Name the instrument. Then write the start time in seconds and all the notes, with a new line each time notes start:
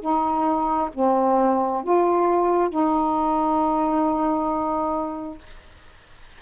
saxophone
0.00 D#4
0.94 C4
1.83 F4
2.69 D#4